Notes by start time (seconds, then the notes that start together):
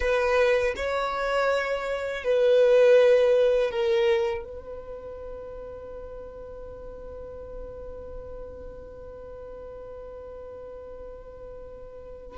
0.00 B4
0.76 C#5
2.24 B4
3.70 A#4
4.44 B4